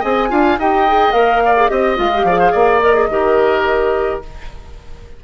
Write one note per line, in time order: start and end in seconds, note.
0.00 0.31 C4
0.00 0.29 G#4
0.00 0.28 D#5
0.00 0.60 G#5
0.29 0.58 D4
0.29 0.57 F4
0.29 0.59 F5
0.58 1.13 D#4
0.58 0.88 G4
0.58 1.44 D#5
0.58 1.12 G5
0.88 1.14 G#4
1.12 1.69 A#3
1.12 1.56 A#4
1.12 1.69 F5
1.45 1.71 D5
1.56 1.69 G#4
1.69 1.99 C4
1.69 1.97 G4
1.69 1.97 D#5
1.69 2.26 D#5
1.97 2.24 G#3
1.97 2.11 F4
1.97 2.82 F5
2.15 2.29 G4
2.24 2.52 F3
2.24 2.81 G#4
2.24 2.40 D5
2.40 2.52 C5
2.52 3.10 A#3
2.52 3.08 D5
2.81 2.95 A#4
2.81 4.22 D#5
2.95 3.09 G#4
3.10 4.22 D#3
3.10 4.23 G4
3.10 4.24 A#4